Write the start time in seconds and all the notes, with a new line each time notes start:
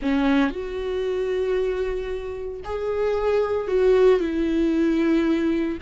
0.01 C#4
0.50 F#4
2.64 G#4
3.67 F#4
4.20 E4